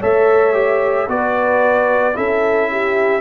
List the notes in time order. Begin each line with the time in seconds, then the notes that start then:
0.00 A3 A4 C#5 E5
0.53 G4
1.08 B3 F#4 B4 D5
2.14 C#4 E4 A4 E5
2.71 G4